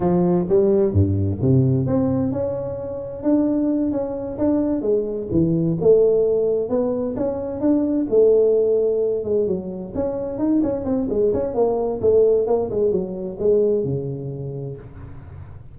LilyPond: \new Staff \with { instrumentName = "tuba" } { \time 4/4 \tempo 4 = 130 f4 g4 g,4 c4 | c'4 cis'2 d'4~ | d'8 cis'4 d'4 gis4 e8~ | e8 a2 b4 cis'8~ |
cis'8 d'4 a2~ a8 | gis8 fis4 cis'4 dis'8 cis'8 c'8 | gis8 cis'8 ais4 a4 ais8 gis8 | fis4 gis4 cis2 | }